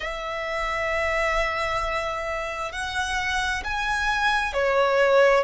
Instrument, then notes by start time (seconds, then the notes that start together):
violin
0.00 E5
2.72 F#5
3.64 G#5
4.52 C#5